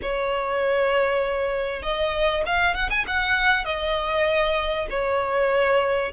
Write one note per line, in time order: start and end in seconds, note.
0.01 1.82 C#5
1.82 2.43 D#5
2.45 2.74 F5
2.74 2.89 F#5
2.90 3.05 G#5
3.07 3.65 F#5
3.65 4.87 D#5
4.90 6.12 C#5